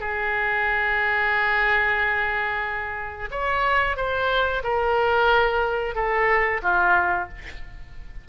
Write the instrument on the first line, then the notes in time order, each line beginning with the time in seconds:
oboe
0.00 G#4
3.31 C#5
3.97 C5
4.64 A#4
5.96 A4
6.63 F4